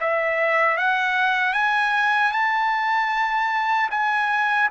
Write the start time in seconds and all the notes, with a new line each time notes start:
0.00 E5
0.77 F#5
1.53 G#5
2.31 A5
3.90 G#5